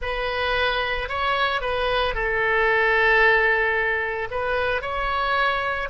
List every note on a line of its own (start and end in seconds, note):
0.01 1.08 B4
1.08 1.61 C#5
1.61 2.14 B4
2.14 4.28 A4
4.30 4.81 B4
4.81 5.89 C#5